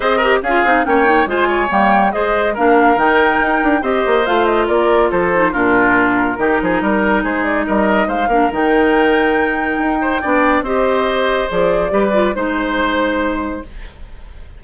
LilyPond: <<
  \new Staff \with { instrumentName = "flute" } { \time 4/4 \tempo 4 = 141 dis''4 f''4 g''4 gis''4 | g''4 dis''4 f''4 g''4~ | g''4 dis''4 f''8 dis''8 d''4 | c''4 ais'2.~ |
ais'4 c''8 d''8 dis''4 f''4 | g''1~ | g''4 dis''2 d''4~ | d''4 c''2. | }
  \new Staff \with { instrumentName = "oboe" } { \time 4/4 c''8 ais'8 gis'4 cis''4 c''8 cis''8~ | cis''4 c''4 ais'2~ | ais'4 c''2 ais'4 | a'4 f'2 g'8 gis'8 |
ais'4 gis'4 ais'4 c''8 ais'8~ | ais'2.~ ais'8 c''8 | d''4 c''2. | b'4 c''2. | }
  \new Staff \with { instrumentName = "clarinet" } { \time 4/4 gis'8 g'8 f'8 dis'8 cis'8 dis'8 f'4 | ais4 gis'4 d'4 dis'4~ | dis'4 g'4 f'2~ | f'8 dis'8 d'2 dis'4~ |
dis'2.~ dis'8 d'8 | dis'1 | d'4 g'2 gis'4 | g'8 f'8 dis'2. | }
  \new Staff \with { instrumentName = "bassoon" } { \time 4/4 c'4 cis'8 c'8 ais4 gis4 | g4 gis4 ais4 dis4 | dis'8 d'8 c'8 ais8 a4 ais4 | f4 ais,2 dis8 f8 |
g4 gis4 g4 gis8 ais8 | dis2. dis'4 | b4 c'2 f4 | g4 gis2. | }
>>